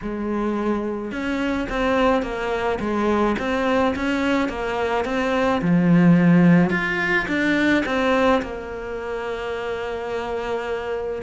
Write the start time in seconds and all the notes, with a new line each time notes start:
0.02 G#3
1.11 C#4
1.69 C4
2.22 A#3
2.80 G#3
3.38 C4
3.95 C#4
4.48 A#3
5.05 C4
5.61 F3
6.70 F4
7.28 D4
7.85 C4
8.42 A#3